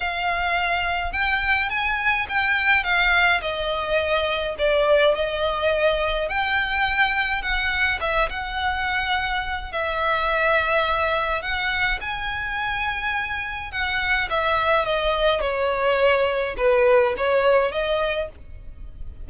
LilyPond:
\new Staff \with { instrumentName = "violin" } { \time 4/4 \tempo 4 = 105 f''2 g''4 gis''4 | g''4 f''4 dis''2 | d''4 dis''2 g''4~ | g''4 fis''4 e''8 fis''4.~ |
fis''4 e''2. | fis''4 gis''2. | fis''4 e''4 dis''4 cis''4~ | cis''4 b'4 cis''4 dis''4 | }